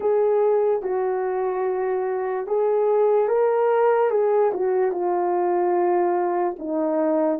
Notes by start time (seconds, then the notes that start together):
0.00 G#4
0.82 F#4
2.47 G#4
3.28 A#4
4.10 G#4
4.53 F#4
4.91 F4
6.59 D#4